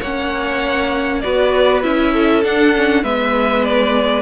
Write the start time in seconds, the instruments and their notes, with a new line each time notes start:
0.00 cello A#3, viola C#4, violin C#5 F#5
1.20 cello B3, viola F#4, violin B4 D5
1.82 cello C#4, viola E4, violin E5
2.12 violin A4
2.43 viola D4, cello D4, violin F#5
2.75 viola C#4
3.02 cello G#3, viola B3, violin B4 E5
3.64 violin D5